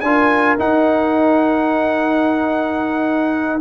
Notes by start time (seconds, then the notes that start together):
0.00 D4 F4 A#4 G#5
0.58 D#4 F#5